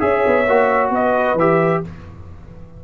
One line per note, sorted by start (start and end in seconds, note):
0.00 0.24 C#4
0.00 0.45 G#4
0.00 0.92 C#5
0.00 0.90 E5
0.26 0.48 B3
0.48 0.90 A#3
0.48 1.38 F#4
0.90 1.34 B3
0.90 1.82 B4
0.90 1.39 D#5
1.34 1.79 E3
1.34 1.84 G4
1.34 1.84 E5